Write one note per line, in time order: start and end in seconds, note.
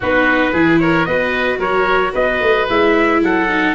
0.00 0.53 B3
0.00 0.54 D#4
0.00 0.52 F#4
0.00 0.79 B4
0.52 1.06 E3
0.52 1.07 E4
0.52 0.79 G#4
0.79 1.07 A#4
0.79 1.05 C#5
1.05 1.58 B3
1.05 2.68 F#4
1.05 1.58 B4
1.05 1.58 D#5
1.58 2.12 F#3
1.58 2.12 A#4
1.58 2.14 C#5
2.13 2.40 B3
2.13 3.20 B4
2.13 2.68 D#5
2.40 2.67 A3
2.69 3.22 G#3
2.69 3.48 E4
2.69 3.23 E5
3.22 3.75 F#3
3.22 3.75 A4
3.22 3.75 F#5
3.48 3.75 D#4